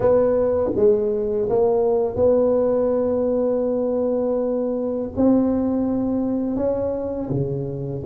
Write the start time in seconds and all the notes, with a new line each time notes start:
0.00 B3
0.75 G#3
1.49 A#3
2.16 B3
5.16 C4
6.56 C#4
7.30 C#3